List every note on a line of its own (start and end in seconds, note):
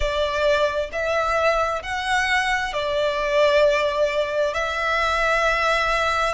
0.00 0.90 D5
0.92 1.82 E5
1.82 2.73 F#5
2.73 4.53 D5
4.53 6.34 E5